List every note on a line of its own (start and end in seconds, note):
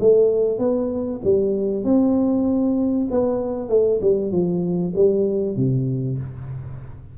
0.00 0.59 A3
0.59 1.21 B3
1.24 1.84 G3
1.84 3.08 C4
3.11 3.69 B3
3.69 4.00 A3
4.01 4.32 G3
4.32 4.93 F3
4.95 5.56 G3
5.56 6.18 C3